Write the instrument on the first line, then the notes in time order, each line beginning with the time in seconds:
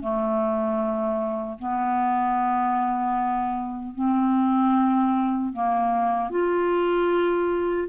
clarinet
0.00 A3
1.58 B3
3.94 C4
5.52 A#3
6.30 F4